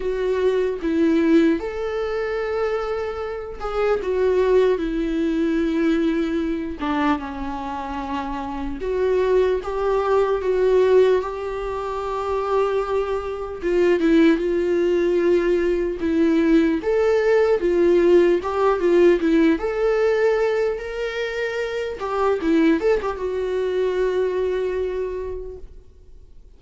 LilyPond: \new Staff \with { instrumentName = "viola" } { \time 4/4 \tempo 4 = 75 fis'4 e'4 a'2~ | a'8 gis'8 fis'4 e'2~ | e'8 d'8 cis'2 fis'4 | g'4 fis'4 g'2~ |
g'4 f'8 e'8 f'2 | e'4 a'4 f'4 g'8 f'8 | e'8 a'4. ais'4. g'8 | e'8 a'16 g'16 fis'2. | }